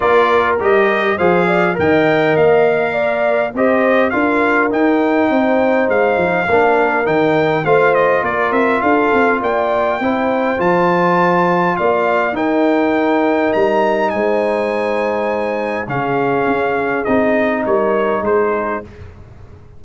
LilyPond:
<<
  \new Staff \with { instrumentName = "trumpet" } { \time 4/4 \tempo 4 = 102 d''4 dis''4 f''4 g''4 | f''2 dis''4 f''4 | g''2 f''2 | g''4 f''8 dis''8 d''8 e''8 f''4 |
g''2 a''2 | f''4 g''2 ais''4 | gis''2. f''4~ | f''4 dis''4 cis''4 c''4 | }
  \new Staff \with { instrumentName = "horn" } { \time 4/4 ais'2 c''8 d''8 dis''4~ | dis''4 d''4 c''4 ais'4~ | ais'4 c''2 ais'4~ | ais'4 c''4 ais'4 a'4 |
d''4 c''2. | d''4 ais'2. | c''2. gis'4~ | gis'2 ais'4 gis'4 | }
  \new Staff \with { instrumentName = "trombone" } { \time 4/4 f'4 g'4 gis'4 ais'4~ | ais'2 g'4 f'4 | dis'2. d'4 | dis'4 f'2.~ |
f'4 e'4 f'2~ | f'4 dis'2.~ | dis'2. cis'4~ | cis'4 dis'2. | }
  \new Staff \with { instrumentName = "tuba" } { \time 4/4 ais4 g4 f4 dis4 | ais2 c'4 d'4 | dis'4 c'4 gis8 f8 ais4 | dis4 a4 ais8 c'8 d'8 c'8 |
ais4 c'4 f2 | ais4 dis'2 g4 | gis2. cis4 | cis'4 c'4 g4 gis4 | }
>>